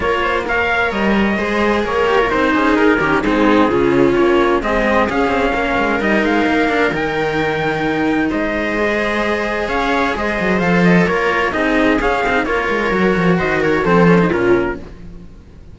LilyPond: <<
  \new Staff \with { instrumentName = "trumpet" } { \time 4/4 \tempo 4 = 130 cis''4 f''4 dis''2 | cis''4 c''4 ais'4 gis'4~ | gis'4 cis''4 dis''4 f''4~ | f''4 dis''8 f''4. g''4~ |
g''2 dis''2~ | dis''4 f''4 dis''4 f''8 dis''8 | cis''4 dis''4 f''4 cis''4~ | cis''4 dis''8 cis''8 c''4 ais'4 | }
  \new Staff \with { instrumentName = "viola" } { \time 4/4 ais'8 c''8 cis''2 c''4 | ais'4. gis'4 g'8 dis'4 | f'2 gis'2 | ais'1~ |
ais'2 c''2~ | c''4 cis''4 c''2 | ais'4 gis'2 ais'4~ | ais'4 c''8 ais'8 a'4 f'4 | }
  \new Staff \with { instrumentName = "cello" } { \time 4/4 f'4 ais'2 gis'4~ | gis'8 g'16 f'16 dis'4. cis'8 c'4 | cis'2 c'4 cis'4~ | cis'4 dis'4. d'8 dis'4~ |
dis'2. gis'4~ | gis'2. a'4 | f'4 dis'4 cis'8 dis'8 f'4 | fis'2 c'8 cis'16 dis'16 cis'4 | }
  \new Staff \with { instrumentName = "cello" } { \time 4/4 ais2 g4 gis4 | ais4 c'8 cis'8 dis'8 dis8 gis4 | cis4 ais4 gis4 cis'8 c'8 | ais8 gis8 g8 gis8 ais4 dis4~ |
dis2 gis2~ | gis4 cis'4 gis8 fis8 f4 | ais4 c'4 cis'8 c'8 ais8 gis8 | fis8 f8 dis4 f4 ais,4 | }
>>